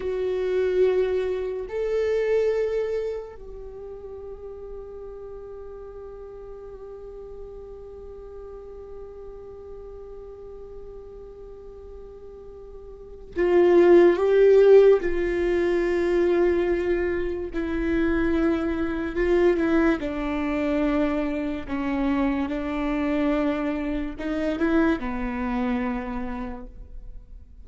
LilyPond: \new Staff \with { instrumentName = "viola" } { \time 4/4 \tempo 4 = 72 fis'2 a'2 | g'1~ | g'1~ | g'1 |
f'4 g'4 f'2~ | f'4 e'2 f'8 e'8 | d'2 cis'4 d'4~ | d'4 dis'8 e'8 b2 | }